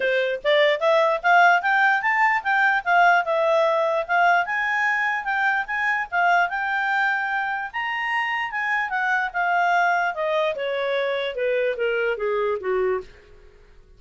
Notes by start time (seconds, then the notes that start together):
0.00 C5
0.44 D5
0.80 E5
1.23 F5
1.62 G5
2.01 A5
2.43 G5
2.84 F5
3.25 E5
4.07 F5
4.45 G#5
5.24 G5
5.66 G#5
6.11 F5
6.49 G5
7.72 A#5
8.51 G#5
8.89 F#5
9.33 F5
10.14 D#5
10.55 C#5
11.35 B4
11.76 A#4
12.17 G#4
12.60 F#4